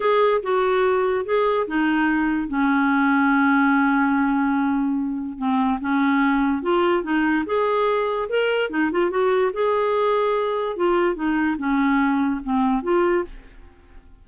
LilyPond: \new Staff \with { instrumentName = "clarinet" } { \time 4/4 \tempo 4 = 145 gis'4 fis'2 gis'4 | dis'2 cis'2~ | cis'1~ | cis'4 c'4 cis'2 |
f'4 dis'4 gis'2 | ais'4 dis'8 f'8 fis'4 gis'4~ | gis'2 f'4 dis'4 | cis'2 c'4 f'4 | }